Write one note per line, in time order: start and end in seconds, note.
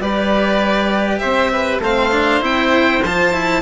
0.00 1.20 G3
0.00 1.81 G4
0.00 1.21 B4
0.00 1.19 D5
1.19 1.79 C4
1.19 1.51 C5
1.19 1.79 E5
1.53 1.82 B4
1.79 2.39 A3
1.79 2.11 C4
1.79 3.62 C5
1.79 2.44 F5
2.11 2.41 D4
2.41 3.02 C4
2.41 3.01 E4
2.41 3.04 G5
3.04 3.62 F3
3.04 3.33 F4
3.04 3.62 A5
3.33 3.62 E4